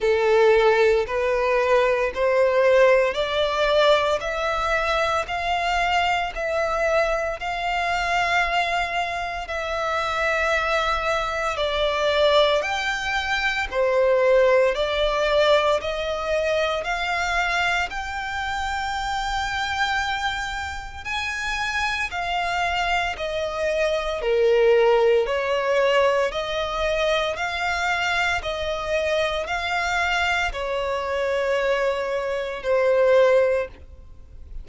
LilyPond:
\new Staff \with { instrumentName = "violin" } { \time 4/4 \tempo 4 = 57 a'4 b'4 c''4 d''4 | e''4 f''4 e''4 f''4~ | f''4 e''2 d''4 | g''4 c''4 d''4 dis''4 |
f''4 g''2. | gis''4 f''4 dis''4 ais'4 | cis''4 dis''4 f''4 dis''4 | f''4 cis''2 c''4 | }